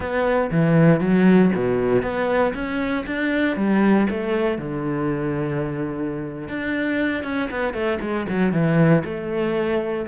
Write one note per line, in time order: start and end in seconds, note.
0.00 0.50 B3
0.51 1.00 E3
1.00 1.51 F#3
1.54 2.02 B2
2.02 2.53 B3
2.54 3.05 C#4
3.06 3.56 D4
3.56 4.07 G3
4.10 4.58 A3
4.58 6.48 D3
6.48 7.23 D4
7.23 7.49 C#4
7.50 7.73 B3
7.73 7.99 A3
8.00 8.26 G#3
8.28 8.52 F#3
8.52 9.03 E3
9.04 10.06 A3